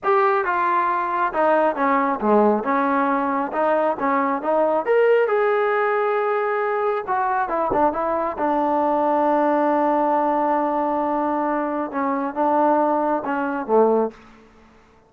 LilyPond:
\new Staff \with { instrumentName = "trombone" } { \time 4/4 \tempo 4 = 136 g'4 f'2 dis'4 | cis'4 gis4 cis'2 | dis'4 cis'4 dis'4 ais'4 | gis'1 |
fis'4 e'8 d'8 e'4 d'4~ | d'1~ | d'2. cis'4 | d'2 cis'4 a4 | }